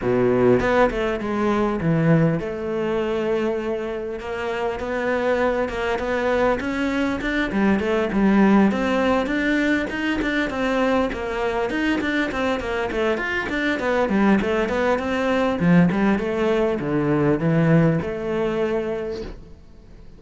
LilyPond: \new Staff \with { instrumentName = "cello" } { \time 4/4 \tempo 4 = 100 b,4 b8 a8 gis4 e4 | a2. ais4 | b4. ais8 b4 cis'4 | d'8 g8 a8 g4 c'4 d'8~ |
d'8 dis'8 d'8 c'4 ais4 dis'8 | d'8 c'8 ais8 a8 f'8 d'8 b8 g8 | a8 b8 c'4 f8 g8 a4 | d4 e4 a2 | }